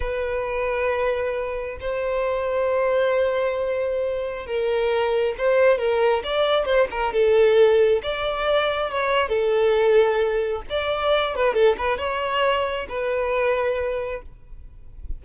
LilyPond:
\new Staff \with { instrumentName = "violin" } { \time 4/4 \tempo 4 = 135 b'1 | c''1~ | c''2 ais'2 | c''4 ais'4 d''4 c''8 ais'8 |
a'2 d''2 | cis''4 a'2. | d''4. b'8 a'8 b'8 cis''4~ | cis''4 b'2. | }